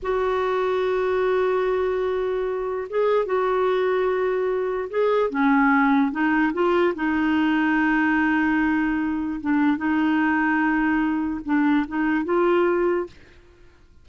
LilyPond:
\new Staff \with { instrumentName = "clarinet" } { \time 4/4 \tempo 4 = 147 fis'1~ | fis'2. gis'4 | fis'1 | gis'4 cis'2 dis'4 |
f'4 dis'2.~ | dis'2. d'4 | dis'1 | d'4 dis'4 f'2 | }